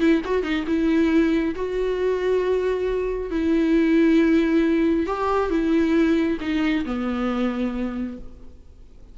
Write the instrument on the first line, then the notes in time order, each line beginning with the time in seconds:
viola
0.00 E4
0.25 F#4
0.43 D#4
0.67 E4
1.55 F#4
3.31 E4
5.07 G4
5.50 E4
6.41 D#4
6.86 B3